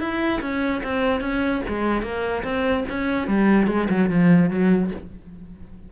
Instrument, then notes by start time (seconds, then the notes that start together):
cello
0.00 E4
0.41 C#4
0.83 C4
1.20 C#4
1.68 G#3
2.02 A#3
2.44 C4
2.89 C#4
3.27 G3
3.67 G#3
3.89 F#3
4.09 F3
4.50 F#3